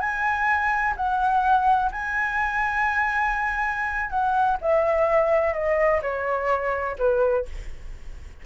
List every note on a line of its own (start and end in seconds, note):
0.00 0.94 G#5
0.96 1.91 F#5
1.91 4.10 G#5
4.10 4.57 F#5
4.61 5.54 E5
5.54 6.01 D#5
6.02 6.96 C#5
6.98 7.45 B4